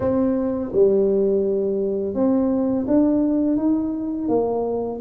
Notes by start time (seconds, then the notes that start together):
0.00 C4
0.72 G3
2.14 C4
2.87 D4
3.56 D#4
4.28 A#3